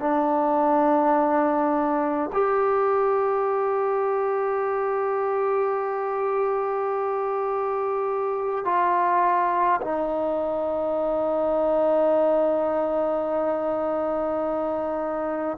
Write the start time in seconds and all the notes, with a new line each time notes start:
0.00 D4
2.33 G4
8.65 F4
9.82 D#4